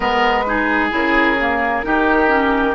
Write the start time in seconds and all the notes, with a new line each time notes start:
0.00 G#3 B3 A#4 B4
0.46 D#4 G#4
0.89 C#3 E4 A#4
1.40 A#3
1.83 D#3 D#4 G4
2.27 C#4